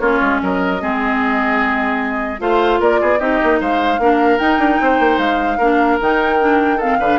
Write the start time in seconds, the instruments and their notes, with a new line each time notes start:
0.00 bassoon A#3, clarinet C#4, oboe F4, flute C#5
0.22 bassoon G#3
0.43 bassoon F#3, oboe A#4, flute D#5
0.80 bassoon G#3, clarinet C4, oboe G#4
2.40 bassoon A3, clarinet F4, oboe C5, flute F5
2.80 bassoon A#3, oboe A#4, flute D5
3.02 bassoon B3, oboe G#4
3.20 bassoon C4, clarinet D#4, oboe G4, flute D#5
3.44 bassoon A#3
3.61 bassoon G#3, oboe C5, flute F5
3.99 bassoon A#3, clarinet D4, oboe A#4
4.39 clarinet D#4, bassoon D#4, flute G5
4.59 bassoon D4
4.81 bassoon C4, oboe C5
5.00 bassoon A#3
5.18 bassoon G#3, flute F5
5.58 bassoon A#3, clarinet D4, oboe A#4
6.01 bassoon D#3, clarinet D#4, flute G5
6.40 clarinet D4
6.77 clarinet C4, oboe A4, flute F5
7.00 bassoon D3, clarinet D4, oboe B4